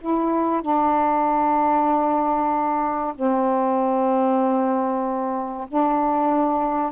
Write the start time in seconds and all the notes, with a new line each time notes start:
0.00 E4
0.61 D4
3.15 C4
5.68 D4